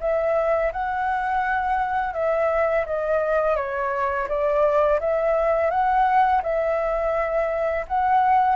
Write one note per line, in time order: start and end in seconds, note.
0.00 0.71 E5
0.72 2.13 F#5
2.13 2.85 E5
2.85 3.56 D#5
3.56 4.27 C#5
4.28 4.99 D5
5.00 5.70 E5
5.70 6.41 F#5
6.43 7.85 E5
7.87 8.55 F#5